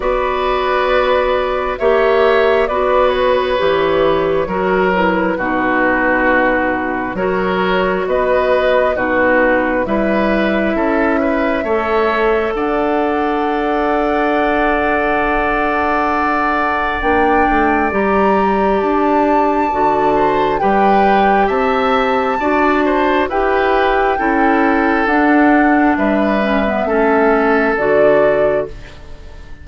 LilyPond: <<
  \new Staff \with { instrumentName = "flute" } { \time 4/4 \tempo 4 = 67 d''2 e''4 d''8 cis''8~ | cis''4. b'2~ b'8 | cis''4 dis''4 b'4 e''4~ | e''2 fis''2~ |
fis''2. g''4 | ais''4 a''2 g''4 | a''2 g''2 | fis''4 e''2 d''4 | }
  \new Staff \with { instrumentName = "oboe" } { \time 4/4 b'2 cis''4 b'4~ | b'4 ais'4 fis'2 | ais'4 b'4 fis'4 b'4 | a'8 b'8 cis''4 d''2~ |
d''1~ | d''2~ d''8 c''8 b'4 | e''4 d''8 c''8 b'4 a'4~ | a'4 b'4 a'2 | }
  \new Staff \with { instrumentName = "clarinet" } { \time 4/4 fis'2 g'4 fis'4 | g'4 fis'8 e'8 dis'2 | fis'2 dis'4 e'4~ | e'4 a'2.~ |
a'2. d'4 | g'2 fis'4 g'4~ | g'4 fis'4 g'4 e'4 | d'4. cis'16 b16 cis'4 fis'4 | }
  \new Staff \with { instrumentName = "bassoon" } { \time 4/4 b2 ais4 b4 | e4 fis4 b,2 | fis4 b4 b,4 g4 | cis'4 a4 d'2~ |
d'2. ais8 a8 | g4 d'4 d4 g4 | c'4 d'4 e'4 cis'4 | d'4 g4 a4 d4 | }
>>